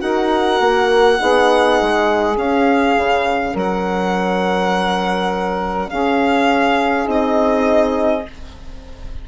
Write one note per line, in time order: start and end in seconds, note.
0.00 0.60 D#4
0.00 1.18 F#4
0.00 1.18 A#4
0.00 2.36 F#5
0.60 1.19 A#3
1.18 1.80 B3
1.18 2.36 D#4
1.18 3.53 G#4
1.81 2.37 G#3
2.36 7.04 C#4
2.36 2.95 C#4
2.36 3.56 F5
2.97 3.54 C#3
3.53 5.90 F#3
3.53 5.88 A#4
3.53 5.89 F#5
5.89 7.07 C#4
5.89 8.26 G#4
5.89 7.07 F5
7.04 8.25 C4
7.04 8.22 D#4
7.11 8.28 D#5